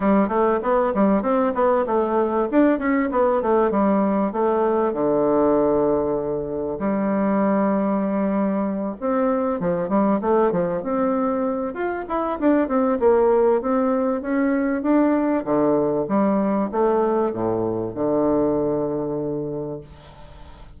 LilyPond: \new Staff \with { instrumentName = "bassoon" } { \time 4/4 \tempo 4 = 97 g8 a8 b8 g8 c'8 b8 a4 | d'8 cis'8 b8 a8 g4 a4 | d2. g4~ | g2~ g8 c'4 f8 |
g8 a8 f8 c'4. f'8 e'8 | d'8 c'8 ais4 c'4 cis'4 | d'4 d4 g4 a4 | a,4 d2. | }